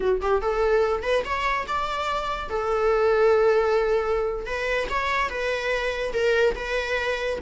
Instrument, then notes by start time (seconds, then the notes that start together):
viola
0.00 F#4
0.21 G4
0.41 A4
1.02 B4
1.24 C#5
1.67 D5
2.49 A4
4.46 B4
4.89 C#5
5.29 B4
6.13 A#4
6.55 B4